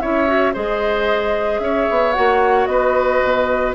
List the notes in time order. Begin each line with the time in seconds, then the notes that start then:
0.00 C#4 E4 C#5 E5
0.27 F#4
0.53 G#3 G#4 C5 D#5
1.59 C#4 C#5 E5
1.90 B3
2.13 A#3 F#4 F#5
2.66 B3 B4 D#5
3.23 B2